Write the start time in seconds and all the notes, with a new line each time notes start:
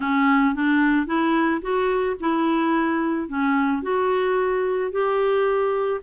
0.00 C#4
0.54 D4
1.06 E4
1.61 F#4
2.20 E4
3.28 C#4
3.82 F#4
4.91 G4